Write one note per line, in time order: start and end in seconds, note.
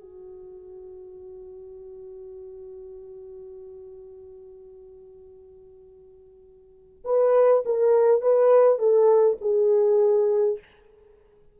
0.00 7.05 F#4
7.05 7.64 B4
7.66 8.22 A#4
8.22 8.79 B4
8.79 9.37 A4
9.41 10.59 G#4